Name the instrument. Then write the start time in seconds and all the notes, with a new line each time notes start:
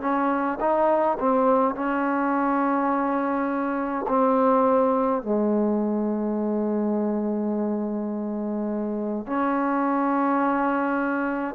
trombone
0.00 C#4
0.60 D#4
1.19 C4
1.75 C#4
4.08 C4
5.22 G#3
9.26 C#4